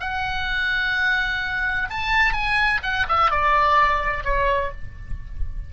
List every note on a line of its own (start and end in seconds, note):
0.00 1.89 F#5
1.90 2.33 A5
2.33 2.81 G#5
2.83 3.06 F#5
3.08 3.31 E5
3.31 4.24 D5
4.24 4.71 C#5